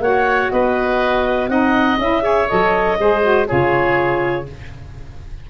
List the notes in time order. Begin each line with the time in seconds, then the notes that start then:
0.00 A#3 F#4 C#5 F#5
0.51 B3 B4 D#5
1.48 C4 D#4 D#5 F#5
1.98 C#4 E4 E5
2.22 G#4 C#5
2.48 F#3 A4 D#5
2.99 G#3 G#4 C5
3.22 F#4
3.47 C#3 F4 G#4 C#5